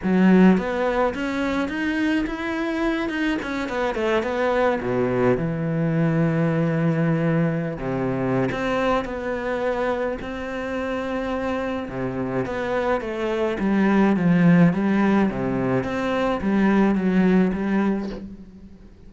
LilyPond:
\new Staff \with { instrumentName = "cello" } { \time 4/4 \tempo 4 = 106 fis4 b4 cis'4 dis'4 | e'4. dis'8 cis'8 b8 a8 b8~ | b8 b,4 e2~ e8~ | e4.~ e16 c4~ c16 c'4 |
b2 c'2~ | c'4 c4 b4 a4 | g4 f4 g4 c4 | c'4 g4 fis4 g4 | }